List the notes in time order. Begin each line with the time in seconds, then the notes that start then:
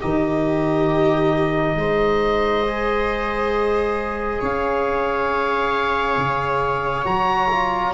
0.00 D#3 D#4 G4 D#5
1.75 G#3 C5
2.67 G#4
4.40 C#4 C#5 F5
6.17 C#3
7.04 F#3 F#4 A#5
7.50 F4